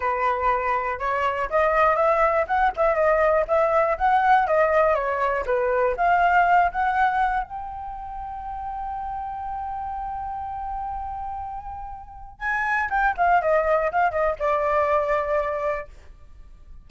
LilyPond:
\new Staff \with { instrumentName = "flute" } { \time 4/4 \tempo 4 = 121 b'2 cis''4 dis''4 | e''4 fis''8 e''8 dis''4 e''4 | fis''4 dis''4 cis''4 b'4 | f''4. fis''4. g''4~ |
g''1~ | g''1~ | g''4 gis''4 g''8 f''8 dis''4 | f''8 dis''8 d''2. | }